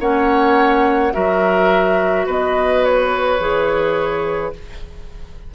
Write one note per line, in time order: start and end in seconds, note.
0.00 1.13 A#3
0.00 1.12 C#4
0.00 1.13 C#5
0.00 1.13 F#5
1.12 2.27 F#3
1.12 3.39 F#4
1.12 2.26 A#4
1.12 2.27 E5
2.26 3.40 B3
2.26 4.53 B4
2.26 2.85 D#5
2.85 4.54 C#5
3.40 4.53 E3
3.40 4.53 G#4